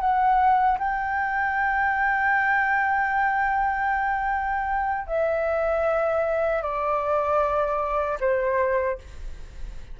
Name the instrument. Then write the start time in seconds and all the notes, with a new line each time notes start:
flute
0.00 F#5
0.78 G5
5.06 E5
6.62 D5
8.20 C5